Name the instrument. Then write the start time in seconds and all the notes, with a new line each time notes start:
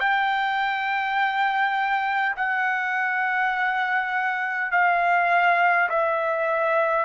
trumpet
0.00 G5
2.36 F#5
4.71 F5
5.89 E5